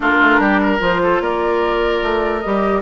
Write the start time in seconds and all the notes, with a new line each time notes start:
0.00 A#3 D4 F4 A#4
0.21 A3
0.38 G3 G4
0.61 A#4
0.79 F3 F4 C5
1.03 A4
1.20 A#3 A#4 D5
2.03 A3
2.40 G3 G4 D#5